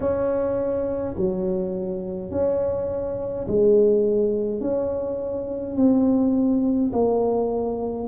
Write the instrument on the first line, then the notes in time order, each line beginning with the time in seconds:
tuba
0.00 C#4
1.16 F#3
2.30 C#4
3.47 G#3
4.60 C#4
5.76 C4
6.92 A#3